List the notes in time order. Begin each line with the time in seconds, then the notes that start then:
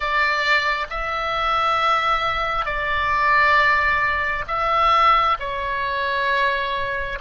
0.00 D5
0.90 E5
2.65 D5
4.47 E5
5.39 C#5